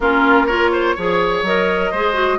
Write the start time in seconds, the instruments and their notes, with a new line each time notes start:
0.00 bassoon A#3, clarinet C#4, oboe F4, flute A#4
0.46 clarinet F4, oboe A#4, flute C#5
0.72 oboe C5
0.95 bassoon F3, clarinet G#4, oboe C#5
1.42 bassoon F#3, clarinet A#4, flute D#5
1.91 bassoon G#3, clarinet G#4, oboe C5
2.13 clarinet F#4